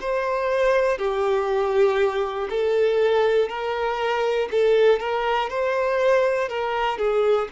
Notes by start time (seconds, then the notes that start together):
0.00 C5
0.98 G4
2.50 A4
3.49 A#4
4.51 A4
4.99 A#4
5.50 C5
6.48 A#4
6.98 G#4